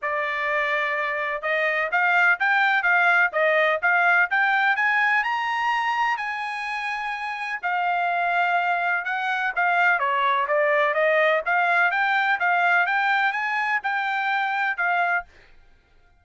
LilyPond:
\new Staff \with { instrumentName = "trumpet" } { \time 4/4 \tempo 4 = 126 d''2. dis''4 | f''4 g''4 f''4 dis''4 | f''4 g''4 gis''4 ais''4~ | ais''4 gis''2. |
f''2. fis''4 | f''4 cis''4 d''4 dis''4 | f''4 g''4 f''4 g''4 | gis''4 g''2 f''4 | }